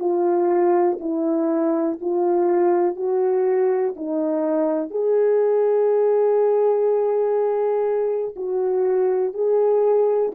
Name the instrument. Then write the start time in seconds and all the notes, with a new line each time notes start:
horn
0.00 F4
1.01 E4
2.01 F4
2.96 F#4
3.97 D#4
4.91 G#4
8.37 F#4
9.34 G#4